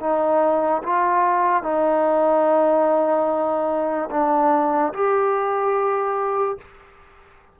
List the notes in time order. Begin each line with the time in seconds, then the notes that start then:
0.00 D#4
0.83 F4
1.63 D#4
4.11 D4
4.93 G4